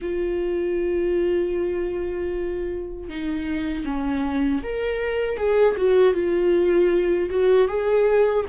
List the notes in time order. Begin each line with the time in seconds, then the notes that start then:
0.01 F4
3.09 D#4
3.84 C#4
4.63 A#4
5.37 G#4
5.77 F#4
6.14 F4
7.30 F#4
7.67 G#4